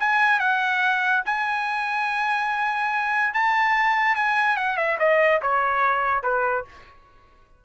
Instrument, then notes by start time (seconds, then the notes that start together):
trumpet
0.00 G#5
0.40 F#5
1.26 G#5
3.34 A5
4.16 G#5
4.57 F#5
4.77 E5
4.99 D#5
5.42 C#5
6.23 B4